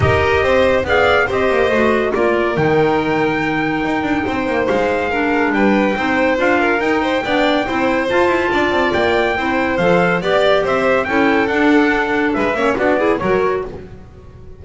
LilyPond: <<
  \new Staff \with { instrumentName = "trumpet" } { \time 4/4 \tempo 4 = 141 dis''2 f''4 dis''4~ | dis''4 d''4 g''2~ | g''2. f''4~ | f''4 g''2 f''4 |
g''2. a''4~ | a''4 g''2 f''4 | d''4 e''4 g''4 fis''4~ | fis''4 e''4 d''4 cis''4 | }
  \new Staff \with { instrumentName = "violin" } { \time 4/4 ais'4 c''4 d''4 c''4~ | c''4 ais'2.~ | ais'2 c''2 | ais'4 b'4 c''4. ais'8~ |
ais'8 c''8 d''4 c''2 | d''2 c''2 | d''4 c''4 a'2~ | a'4 b'8 cis''8 fis'8 gis'8 ais'4 | }
  \new Staff \with { instrumentName = "clarinet" } { \time 4/4 g'2 gis'4 g'4 | fis'4 f'4 dis'2~ | dis'1 | d'2 dis'4 f'4 |
dis'4 d'4 e'4 f'4~ | f'2 e'4 a'4 | g'2 e'4 d'4~ | d'4. cis'8 d'8 e'8 fis'4 | }
  \new Staff \with { instrumentName = "double bass" } { \time 4/4 dis'4 c'4 b4 c'8 ais8 | a4 ais4 dis2~ | dis4 dis'8 d'8 c'8 ais8 gis4~ | gis4 g4 c'4 d'4 |
dis'4 b4 c'4 f'8 e'8 | d'8 c'8 ais4 c'4 f4 | b4 c'4 cis'4 d'4~ | d'4 gis8 ais8 b4 fis4 | }
>>